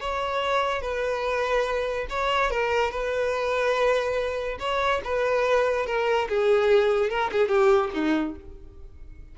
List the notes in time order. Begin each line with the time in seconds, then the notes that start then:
0.00 C#5
0.81 B4
2.09 C#5
2.50 A#4
2.91 B4
4.59 C#5
5.04 B4
5.86 A#4
6.29 G#4
7.09 A#4
7.31 G#4
7.48 G4
7.94 D#4